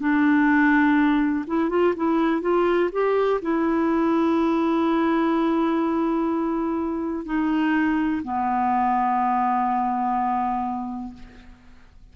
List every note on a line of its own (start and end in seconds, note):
0.00 1.45 D4
1.47 1.70 E4
1.70 1.94 F4
1.97 2.42 E4
2.42 2.90 F4
2.93 3.41 G4
3.42 7.26 E4
7.26 8.23 D#4
8.24 11.14 B3